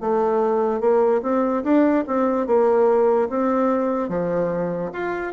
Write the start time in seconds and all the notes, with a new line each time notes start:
0.00 A3
0.80 A#3
1.22 C4
1.63 D4
2.07 C4
2.47 A#3
3.29 C4
4.09 F3
4.92 F4